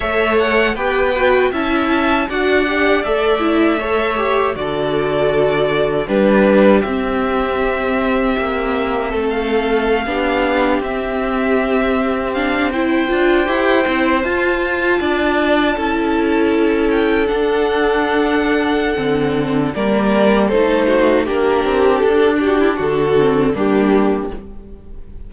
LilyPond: <<
  \new Staff \with { instrumentName = "violin" } { \time 4/4 \tempo 4 = 79 e''8 fis''8 g''4 a''4 fis''4 | e''2 d''2 | b'4 e''2.~ | e''16 f''2 e''4.~ e''16~ |
e''16 f''8 g''2 a''4~ a''16~ | a''2~ a''16 g''8 fis''4~ fis''16~ | fis''2 d''4 c''4 | ais'4 a'8 g'8 a'4 g'4 | }
  \new Staff \with { instrumentName = "violin" } { \time 4/4 cis''4 b'4 e''4 d''4~ | d''4 cis''4 a'2 | g'1 | a'4~ a'16 g'2~ g'8.~ |
g'8. c''2. d''16~ | d''8. a'2.~ a'16~ | a'2 ais'4 a'8 fis'8 | g'4. fis'16 e'16 fis'4 d'4 | }
  \new Staff \with { instrumentName = "viola" } { \time 4/4 a'4 g'8 fis'8 e'4 fis'8 g'8 | a'8 e'8 a'8 g'8 fis'2 | d'4 c'2.~ | c'4~ c'16 d'4 c'4.~ c'16~ |
c'16 d'8 e'8 f'8 g'8 e'8 f'4~ f'16~ | f'8. e'2 d'4~ d'16~ | d'4 c'4 ais4 dis'4 | d'2~ d'8 c'8 ais4 | }
  \new Staff \with { instrumentName = "cello" } { \time 4/4 a4 b4 cis'4 d'4 | a2 d2 | g4 c'2 ais4 | a4~ a16 b4 c'4.~ c'16~ |
c'4~ c'16 d'8 e'8 c'8 f'4 d'16~ | d'8. cis'2 d'4~ d'16~ | d'4 d4 g4 a4 | ais8 c'8 d'4 d4 g4 | }
>>